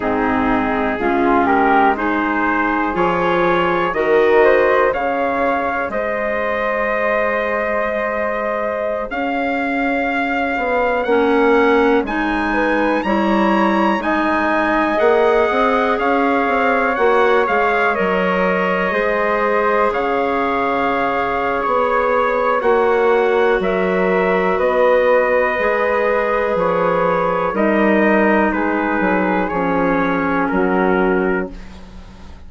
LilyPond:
<<
  \new Staff \with { instrumentName = "trumpet" } { \time 4/4 \tempo 4 = 61 gis'4. ais'8 c''4 cis''4 | dis''4 f''4 dis''2~ | dis''4~ dis''16 f''2 fis''8.~ | fis''16 gis''4 ais''4 gis''4 fis''8.~ |
fis''16 f''4 fis''8 f''8 dis''4.~ dis''16~ | dis''16 f''4.~ f''16 cis''4 fis''4 | e''4 dis''2 cis''4 | dis''4 b'4 cis''4 ais'4 | }
  \new Staff \with { instrumentName = "flute" } { \time 4/4 dis'4 f'8 g'8 gis'2 | ais'8 c''8 cis''4 c''2~ | c''4~ c''16 cis''2~ cis''8.~ | cis''8. b'8 cis''4 dis''4.~ dis''16~ |
dis''16 cis''2. c''8.~ | c''16 cis''2.~ cis''8. | ais'4 b'2. | ais'4 gis'2 fis'4 | }
  \new Staff \with { instrumentName = "clarinet" } { \time 4/4 c'4 cis'4 dis'4 f'4 | fis'4 gis'2.~ | gis'2.~ gis'16 cis'8.~ | cis'16 dis'4 e'4 dis'4 gis'8.~ |
gis'4~ gis'16 fis'8 gis'8 ais'4 gis'8.~ | gis'2. fis'4~ | fis'2 gis'2 | dis'2 cis'2 | }
  \new Staff \with { instrumentName = "bassoon" } { \time 4/4 gis,4 gis2 f4 | dis4 cis4 gis2~ | gis4~ gis16 cis'4. b8 ais8.~ | ais16 gis4 g4 gis4 ais8 c'16~ |
c'16 cis'8 c'8 ais8 gis8 fis4 gis8.~ | gis16 cis4.~ cis16 b4 ais4 | fis4 b4 gis4 f4 | g4 gis8 fis8 f4 fis4 | }
>>